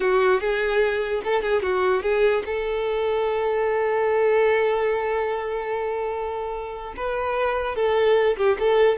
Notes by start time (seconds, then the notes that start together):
0.00 F#4
0.40 G#4
1.24 A4
1.41 G#4
1.62 F#4
2.02 G#4
2.45 A4
6.96 B4
7.75 A4
8.37 G4
8.59 A4